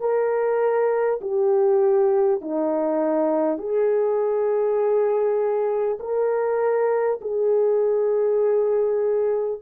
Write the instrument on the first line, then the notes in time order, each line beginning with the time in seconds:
horn
0.00 A#4
1.22 G4
2.41 D#4
3.58 G#4
6.00 A#4
7.22 G#4